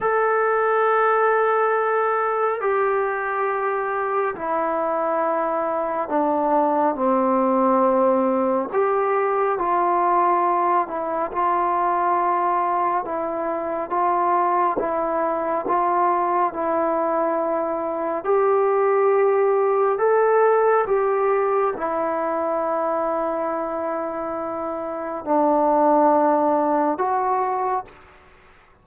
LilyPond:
\new Staff \with { instrumentName = "trombone" } { \time 4/4 \tempo 4 = 69 a'2. g'4~ | g'4 e'2 d'4 | c'2 g'4 f'4~ | f'8 e'8 f'2 e'4 |
f'4 e'4 f'4 e'4~ | e'4 g'2 a'4 | g'4 e'2.~ | e'4 d'2 fis'4 | }